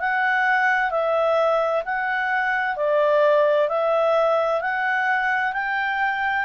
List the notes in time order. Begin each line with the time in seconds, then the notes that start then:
0.00 F#5
0.91 E5
1.85 F#5
2.77 D5
3.69 E5
4.61 F#5
5.53 G5